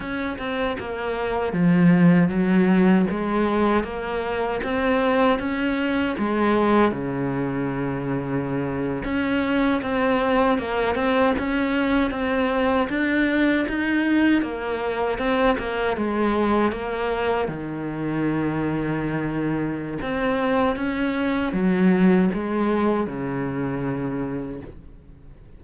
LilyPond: \new Staff \with { instrumentName = "cello" } { \time 4/4 \tempo 4 = 78 cis'8 c'8 ais4 f4 fis4 | gis4 ais4 c'4 cis'4 | gis4 cis2~ cis8. cis'16~ | cis'8. c'4 ais8 c'8 cis'4 c'16~ |
c'8. d'4 dis'4 ais4 c'16~ | c'16 ais8 gis4 ais4 dis4~ dis16~ | dis2 c'4 cis'4 | fis4 gis4 cis2 | }